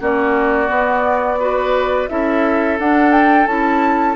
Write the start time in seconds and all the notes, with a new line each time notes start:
0.00 A#3 C#4 F#4 D5
0.68 B3
1.39 F#4 B4
2.08 C#4 E4 A4 E5
2.79 D4 F#5
3.12 G5
3.47 C#4 E4 A5